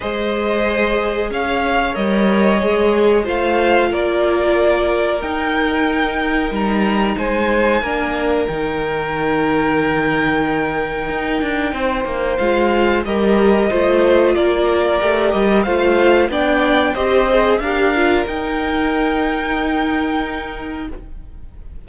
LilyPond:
<<
  \new Staff \with { instrumentName = "violin" } { \time 4/4 \tempo 4 = 92 dis''2 f''4 dis''4~ | dis''4 f''4 d''2 | g''2 ais''4 gis''4~ | gis''4 g''2.~ |
g''2. f''4 | dis''2 d''4. dis''8 | f''4 g''4 dis''4 f''4 | g''1 | }
  \new Staff \with { instrumentName = "violin" } { \time 4/4 c''2 cis''2~ | cis''4 c''4 ais'2~ | ais'2. c''4 | ais'1~ |
ais'2 c''2 | ais'4 c''4 ais'2 | c''4 d''4 c''4 ais'4~ | ais'1 | }
  \new Staff \with { instrumentName = "viola" } { \time 4/4 gis'2. ais'4 | gis'4 f'2. | dis'1 | d'4 dis'2.~ |
dis'2. f'4 | g'4 f'2 g'4 | f'4 d'4 g'8 gis'8 g'8 f'8 | dis'1 | }
  \new Staff \with { instrumentName = "cello" } { \time 4/4 gis2 cis'4 g4 | gis4 a4 ais2 | dis'2 g4 gis4 | ais4 dis2.~ |
dis4 dis'8 d'8 c'8 ais8 gis4 | g4 a4 ais4 a8 g8 | a4 b4 c'4 d'4 | dis'1 | }
>>